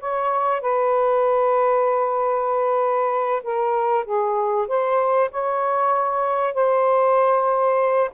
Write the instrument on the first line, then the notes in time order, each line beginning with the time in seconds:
saxophone
0.00 C#5
0.61 B4
3.43 A#4
4.05 G#4
4.68 C5
5.31 C#5
6.54 C5